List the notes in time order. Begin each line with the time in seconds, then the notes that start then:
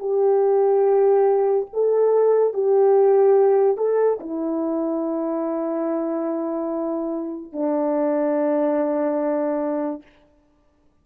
0.00 G4
1.73 A4
2.54 G4
3.78 A4
4.20 E4
7.53 D4